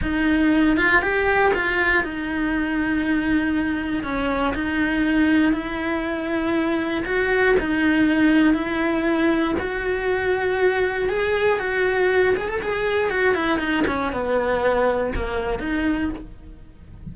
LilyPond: \new Staff \with { instrumentName = "cello" } { \time 4/4 \tempo 4 = 119 dis'4. f'8 g'4 f'4 | dis'1 | cis'4 dis'2 e'4~ | e'2 fis'4 dis'4~ |
dis'4 e'2 fis'4~ | fis'2 gis'4 fis'4~ | fis'8 gis'16 a'16 gis'4 fis'8 e'8 dis'8 cis'8 | b2 ais4 dis'4 | }